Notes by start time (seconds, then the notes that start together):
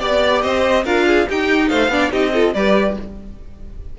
0.00 B3 G4 D5
0.42 C4 C5 D#5
0.85 D4 F4 A#4 F5
1.07 G#4
1.28 D#4 G4 G5
1.69 A3 C5 F5
1.88 B3 D4 D5
2.11 C4 D#4 G4 D#5
2.33 F4 A4
2.54 G3 G4 B4 D5